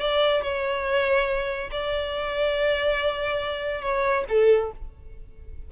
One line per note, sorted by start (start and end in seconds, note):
0.00 0.42 D5
0.42 1.70 C#5
1.71 3.82 D5
3.82 4.24 C#5
4.29 4.71 A4